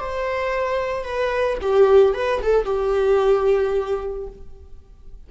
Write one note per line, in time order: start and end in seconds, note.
0.00 1.04 C5
1.04 1.58 B4
1.62 2.14 G4
2.14 2.42 B4
2.42 2.65 A4
2.65 4.28 G4